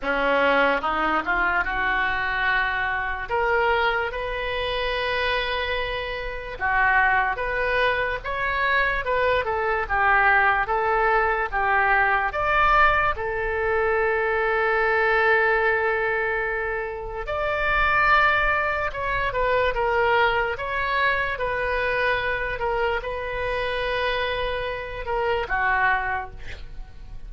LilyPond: \new Staff \with { instrumentName = "oboe" } { \time 4/4 \tempo 4 = 73 cis'4 dis'8 f'8 fis'2 | ais'4 b'2. | fis'4 b'4 cis''4 b'8 a'8 | g'4 a'4 g'4 d''4 |
a'1~ | a'4 d''2 cis''8 b'8 | ais'4 cis''4 b'4. ais'8 | b'2~ b'8 ais'8 fis'4 | }